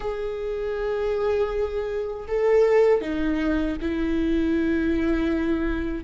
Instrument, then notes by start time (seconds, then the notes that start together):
viola
0.00 G#4
2.28 A4
3.01 D#4
3.81 E4